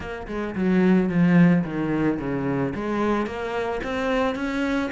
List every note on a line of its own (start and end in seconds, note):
0.00 0.26 A#3
0.27 0.54 G#3
0.55 1.09 F#3
1.09 1.63 F3
1.64 2.18 D#3
2.19 2.73 C#3
2.74 3.26 G#3
3.26 3.81 A#3
3.83 4.35 C4
4.35 4.90 C#4